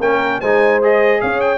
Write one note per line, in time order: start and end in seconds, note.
0.00 0.40 A#3
0.00 0.43 C#4
0.00 0.40 A#4
0.00 0.41 G5
0.41 1.22 G#3
0.41 0.82 D#4
0.41 1.21 C5
0.41 0.81 G#5
0.82 1.58 G#4
0.82 1.21 D#5
1.21 1.58 C#4
1.21 1.58 C#5
1.21 1.40 F5
1.40 1.58 G5